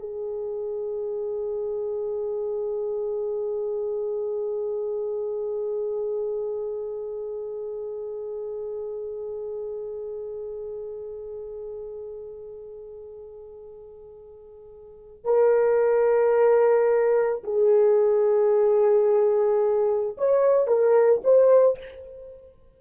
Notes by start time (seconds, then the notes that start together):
0.00 G#4
15.25 A#4
17.44 G#4
20.18 C#5
20.68 A#4
21.25 C5